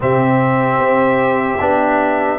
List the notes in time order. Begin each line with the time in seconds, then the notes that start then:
0.00 C3 C4 G4 E5
0.79 C4
1.60 B3 D4